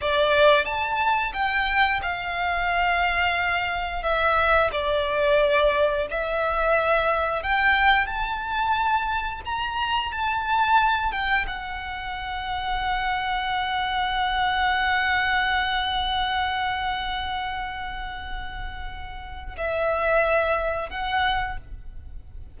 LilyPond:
\new Staff \with { instrumentName = "violin" } { \time 4/4 \tempo 4 = 89 d''4 a''4 g''4 f''4~ | f''2 e''4 d''4~ | d''4 e''2 g''4 | a''2 ais''4 a''4~ |
a''8 g''8 fis''2.~ | fis''1~ | fis''1~ | fis''4 e''2 fis''4 | }